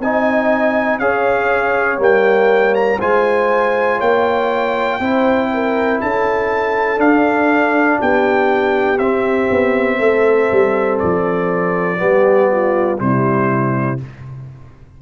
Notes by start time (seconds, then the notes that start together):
0.00 C4 D#4 D#5 G#5
0.98 C#4 G#4 C#5 F5
1.98 G3 A#3 G5
2.74 A#5
2.99 G#3 F4 C5 G#5
3.98 A#3 C#5 G5
4.99 C4 E4 C5
5.53 A#4
6.01 C#4 A4 A5
6.97 D4 F5
8.01 B3 G4 G5
8.98 C4 E5
9.50 B3
9.99 A3 A4
10.52 G3
10.99 F3 D5
11.97 G3 B3 G4
12.51 F4
12.98 C3 G3 E4 C5